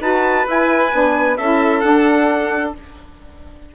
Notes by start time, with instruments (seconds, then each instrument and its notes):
0.00 bassoon D#4, saxophone F#4, violin B4, trumpet A5
0.45 saxophone E4, bassoon E4, trumpet G#5
0.92 bassoon B3, saxophone D4
1.37 bassoon C#4, saxophone E4, violin A4, trumpet E5
1.80 saxophone D4, bassoon D4, trumpet F#5